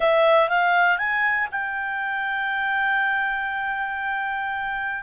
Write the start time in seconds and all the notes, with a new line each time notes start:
0.00 E5
0.49 F5
0.98 G#5
1.51 G5